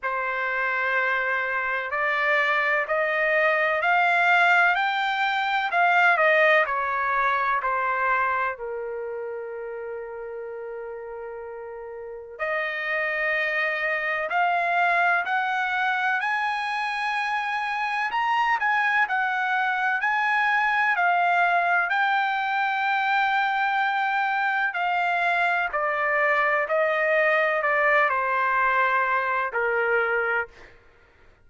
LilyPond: \new Staff \with { instrumentName = "trumpet" } { \time 4/4 \tempo 4 = 63 c''2 d''4 dis''4 | f''4 g''4 f''8 dis''8 cis''4 | c''4 ais'2.~ | ais'4 dis''2 f''4 |
fis''4 gis''2 ais''8 gis''8 | fis''4 gis''4 f''4 g''4~ | g''2 f''4 d''4 | dis''4 d''8 c''4. ais'4 | }